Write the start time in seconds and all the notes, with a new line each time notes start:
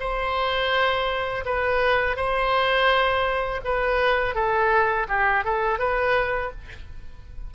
0.00 C5
1.46 B4
2.17 C5
3.65 B4
4.35 A4
5.09 G4
5.44 A4
5.79 B4